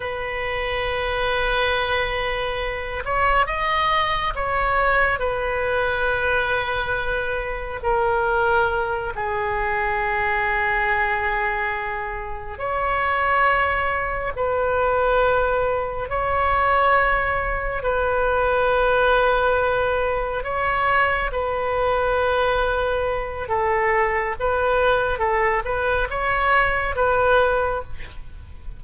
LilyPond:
\new Staff \with { instrumentName = "oboe" } { \time 4/4 \tempo 4 = 69 b'2.~ b'8 cis''8 | dis''4 cis''4 b'2~ | b'4 ais'4. gis'4.~ | gis'2~ gis'8 cis''4.~ |
cis''8 b'2 cis''4.~ | cis''8 b'2. cis''8~ | cis''8 b'2~ b'8 a'4 | b'4 a'8 b'8 cis''4 b'4 | }